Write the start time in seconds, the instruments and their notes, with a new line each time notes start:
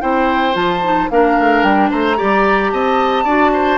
0.00 bassoon C4, clarinet E4, oboe C5, flute G5
0.53 bassoon F3, clarinet F4, flute A5
0.83 clarinet D#4
1.10 bassoon A#3, clarinet D4, oboe A#4, flute F5
1.39 bassoon A3
1.63 bassoon G3, flute G5
1.90 bassoon A3, oboe C5, flute A#5
2.16 bassoon G3, clarinet G4, oboe D5
2.71 bassoon C4, oboe D#5, flute A5
3.24 bassoon D4, clarinet F#4, oboe D5
3.53 oboe C5